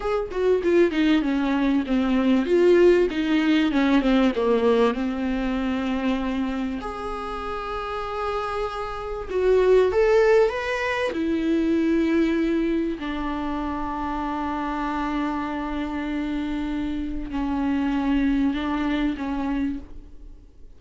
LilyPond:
\new Staff \with { instrumentName = "viola" } { \time 4/4 \tempo 4 = 97 gis'8 fis'8 f'8 dis'8 cis'4 c'4 | f'4 dis'4 cis'8 c'8 ais4 | c'2. gis'4~ | gis'2. fis'4 |
a'4 b'4 e'2~ | e'4 d'2.~ | d'1 | cis'2 d'4 cis'4 | }